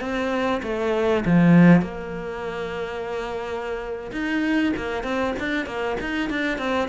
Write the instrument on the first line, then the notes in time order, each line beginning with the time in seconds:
cello
0.00 C4
0.63 A3
1.26 F3
1.82 A#3
4.12 D#4
4.76 A#3
5.03 C4
5.39 D4
5.66 A#3
6.01 D#4
6.29 D4
6.58 C4